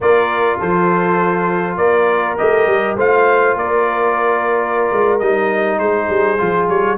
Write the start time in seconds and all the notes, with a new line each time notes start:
0.00 A#3 F4 A#4 D5
0.59 F3 A4 C5
1.76 A#3 A#4 D5
2.37 A3 G4 D#5
2.66 G3
2.96 A3 F4 C5 F5
3.55 A#3 A#4 D5
4.92 G#3
5.19 G3 D#4 D#5
5.78 G#3 G#4 C5
6.08 G3
6.37 F3 F4
6.69 G3 C#5